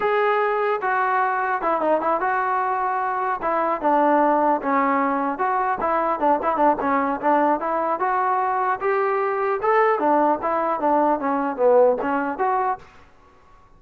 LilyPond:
\new Staff \with { instrumentName = "trombone" } { \time 4/4 \tempo 4 = 150 gis'2 fis'2 | e'8 dis'8 e'8 fis'2~ fis'8~ | fis'8 e'4 d'2 cis'8~ | cis'4. fis'4 e'4 d'8 |
e'8 d'8 cis'4 d'4 e'4 | fis'2 g'2 | a'4 d'4 e'4 d'4 | cis'4 b4 cis'4 fis'4 | }